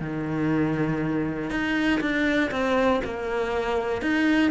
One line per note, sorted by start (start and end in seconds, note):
0.00 1.50 D#3
1.50 2.00 D#4
2.01 2.51 D4
2.51 3.01 C4
3.04 4.02 A#3
4.02 4.51 D#4